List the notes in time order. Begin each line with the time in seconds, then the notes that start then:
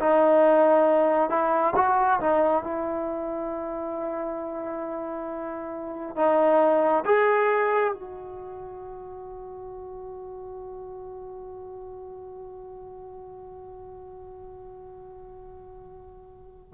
0.00 D#4
1.30 E4
1.76 F#4
2.20 D#4
2.64 E4
6.16 D#4
7.05 G#4
7.93 F#4